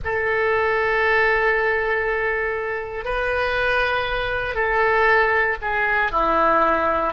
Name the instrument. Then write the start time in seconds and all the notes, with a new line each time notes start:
oboe
0.04 A4
3.04 B4
4.54 A4
5.61 G#4
6.11 E4